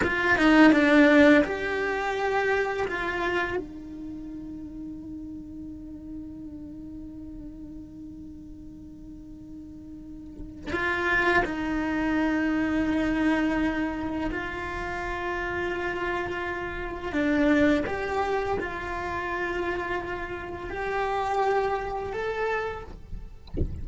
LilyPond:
\new Staff \with { instrumentName = "cello" } { \time 4/4 \tempo 4 = 84 f'8 dis'8 d'4 g'2 | f'4 dis'2.~ | dis'1~ | dis'2. f'4 |
dis'1 | f'1 | d'4 g'4 f'2~ | f'4 g'2 a'4 | }